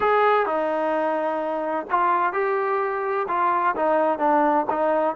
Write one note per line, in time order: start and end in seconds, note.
0.00 0.45 G#4
0.45 1.86 D#4
1.90 2.32 F4
2.32 3.26 G4
3.28 3.75 F4
3.76 4.18 D#4
4.18 4.65 D4
4.70 5.15 D#4